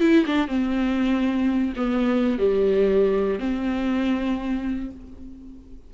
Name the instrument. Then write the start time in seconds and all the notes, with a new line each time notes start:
viola
0.00 E4
0.26 D4
0.48 C4
1.77 B3
2.39 G3
3.39 C4